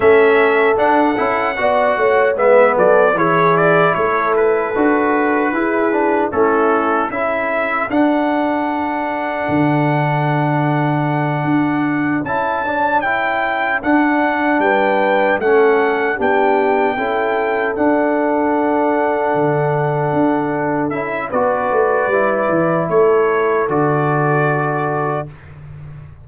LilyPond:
<<
  \new Staff \with { instrumentName = "trumpet" } { \time 4/4 \tempo 4 = 76 e''4 fis''2 e''8 d''8 | cis''8 d''8 cis''8 b'2~ b'8 | a'4 e''4 fis''2~ | fis''2.~ fis''8 a''8~ |
a''8 g''4 fis''4 g''4 fis''8~ | fis''8 g''2 fis''4.~ | fis''2~ fis''8 e''8 d''4~ | d''4 cis''4 d''2 | }
  \new Staff \with { instrumentName = "horn" } { \time 4/4 a'2 d''8 cis''8 b'8 a'8 | gis'4 a'2 gis'4 | e'4 a'2.~ | a'1~ |
a'2~ a'8 b'4 a'8~ | a'8 g'4 a'2~ a'8~ | a'2. b'4~ | b'4 a'2. | }
  \new Staff \with { instrumentName = "trombone" } { \time 4/4 cis'4 d'8 e'8 fis'4 b4 | e'2 fis'4 e'8 d'8 | cis'4 e'4 d'2~ | d'2.~ d'8 e'8 |
d'8 e'4 d'2 cis'8~ | cis'8 d'4 e'4 d'4.~ | d'2~ d'8 e'8 fis'4 | e'2 fis'2 | }
  \new Staff \with { instrumentName = "tuba" } { \time 4/4 a4 d'8 cis'8 b8 a8 gis8 fis8 | e4 a4 d'4 e'4 | a4 cis'4 d'2 | d2~ d8 d'4 cis'8~ |
cis'4. d'4 g4 a8~ | a8 b4 cis'4 d'4.~ | d'8 d4 d'4 cis'8 b8 a8 | g8 e8 a4 d2 | }
>>